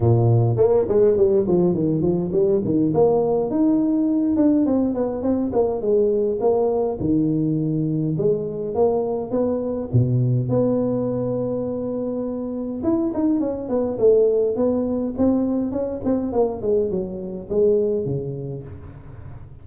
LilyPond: \new Staff \with { instrumentName = "tuba" } { \time 4/4 \tempo 4 = 103 ais,4 ais8 gis8 g8 f8 dis8 f8 | g8 dis8 ais4 dis'4. d'8 | c'8 b8 c'8 ais8 gis4 ais4 | dis2 gis4 ais4 |
b4 b,4 b2~ | b2 e'8 dis'8 cis'8 b8 | a4 b4 c'4 cis'8 c'8 | ais8 gis8 fis4 gis4 cis4 | }